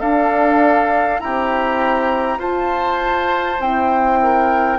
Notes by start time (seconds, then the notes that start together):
0.00 D4 A4 F5
1.20 C4 E4 G4 A#5
2.38 F4 C5 A5
3.59 C4 E4 G5
4.22 A#4